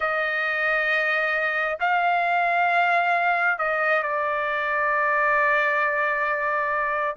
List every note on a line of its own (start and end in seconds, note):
0.00 1.77 D#5
1.80 3.58 F5
3.58 4.02 D#5
4.02 7.16 D5